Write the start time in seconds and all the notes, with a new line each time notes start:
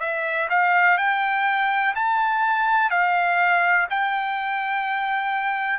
0.00 E5
0.49 F5
0.97 G5
1.95 A5
2.90 F5
3.90 G5